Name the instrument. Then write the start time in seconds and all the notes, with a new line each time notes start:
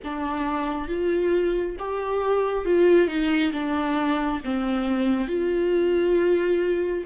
viola
0.04 D4
0.88 F4
1.78 G4
2.65 F4
3.07 D#4
3.53 D4
4.44 C4
5.27 F4